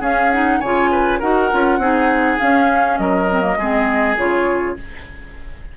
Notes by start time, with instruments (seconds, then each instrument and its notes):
0.00 clarinet C#4, bassoon C#4, oboe G#4, flute F5
0.32 clarinet D#4, flute F#5
0.60 bassoon C#3, clarinet F4, oboe C#5, flute G#5
0.92 oboe B4
1.19 bassoon D#4, clarinet F#4, oboe A#4, flute F#5
1.52 bassoon C#4, clarinet F4
1.78 bassoon C4, clarinet D#4, oboe G#4
2.39 clarinet C#4, bassoon C#4, flute F5
2.98 bassoon F#3, oboe A#4, flute D#5
3.31 clarinet C4
3.41 clarinet A#3
3.57 bassoon G#3, clarinet C4, oboe G#4
4.17 bassoon C#3, clarinet F4, flute C#5